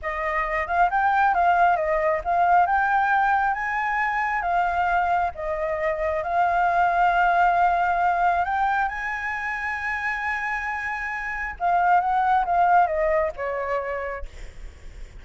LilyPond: \new Staff \with { instrumentName = "flute" } { \time 4/4 \tempo 4 = 135 dis''4. f''8 g''4 f''4 | dis''4 f''4 g''2 | gis''2 f''2 | dis''2 f''2~ |
f''2. g''4 | gis''1~ | gis''2 f''4 fis''4 | f''4 dis''4 cis''2 | }